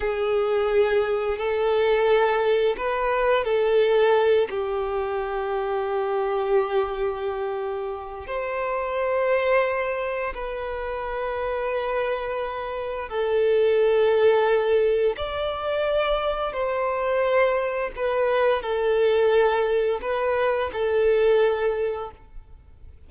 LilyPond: \new Staff \with { instrumentName = "violin" } { \time 4/4 \tempo 4 = 87 gis'2 a'2 | b'4 a'4. g'4.~ | g'1 | c''2. b'4~ |
b'2. a'4~ | a'2 d''2 | c''2 b'4 a'4~ | a'4 b'4 a'2 | }